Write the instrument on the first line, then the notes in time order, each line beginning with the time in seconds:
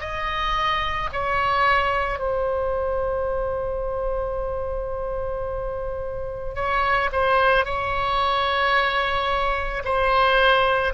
oboe
0.00 D#5
1.12 C#5
2.19 C5
6.55 C#5
7.12 C5
7.65 C#5
9.84 C5